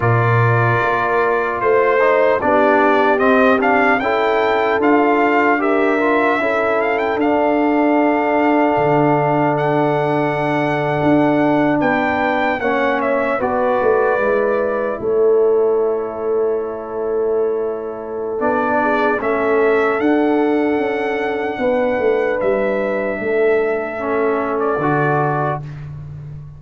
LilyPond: <<
  \new Staff \with { instrumentName = "trumpet" } { \time 4/4 \tempo 4 = 75 d''2 c''4 d''4 | dis''8 f''8 g''4 f''4 e''4~ | e''8 f''16 g''16 f''2. | fis''2~ fis''8. g''4 fis''16~ |
fis''16 e''8 d''2 cis''4~ cis''16~ | cis''2. d''4 | e''4 fis''2. | e''2~ e''8. d''4~ d''16 | }
  \new Staff \with { instrumentName = "horn" } { \time 4/4 ais'2 c''4 g'4~ | g'4 a'2 ais'4 | a'1~ | a'2~ a'8. b'4 cis''16~ |
cis''8. b'2 a'4~ a'16~ | a'2.~ a'8 gis'8 | a'2. b'4~ | b'4 a'2. | }
  \new Staff \with { instrumentName = "trombone" } { \time 4/4 f'2~ f'8 dis'8 d'4 | c'8 d'8 e'4 f'4 g'8 f'8 | e'4 d'2.~ | d'2.~ d'8. cis'16~ |
cis'8. fis'4 e'2~ e'16~ | e'2. d'4 | cis'4 d'2.~ | d'2 cis'4 fis'4 | }
  \new Staff \with { instrumentName = "tuba" } { \time 4/4 ais,4 ais4 a4 b4 | c'4 cis'4 d'2 | cis'4 d'2 d4~ | d4.~ d16 d'4 b4 ais16~ |
ais8. b8 a8 gis4 a4~ a16~ | a2. b4 | a4 d'4 cis'4 b8 a8 | g4 a2 d4 | }
>>